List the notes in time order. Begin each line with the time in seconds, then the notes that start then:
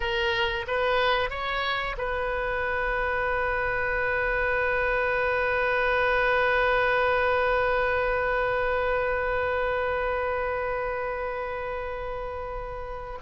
0.00 A#4
0.67 B4
1.30 C#5
1.98 B4